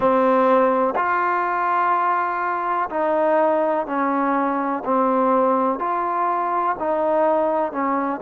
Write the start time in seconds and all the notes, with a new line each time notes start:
0.00 C4
0.95 F4
2.89 D#4
3.86 C#4
4.84 C4
5.79 F4
6.79 D#4
7.72 C#4